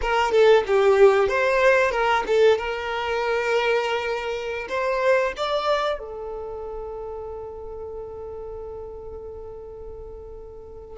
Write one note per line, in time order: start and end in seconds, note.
0.01 0.31 A#4
0.31 0.63 A4
0.66 1.28 G4
1.28 1.91 C5
1.91 2.23 A#4
2.26 2.58 A4
2.58 4.67 A#4
4.68 5.33 C5
5.36 5.98 D5
5.98 10.97 A4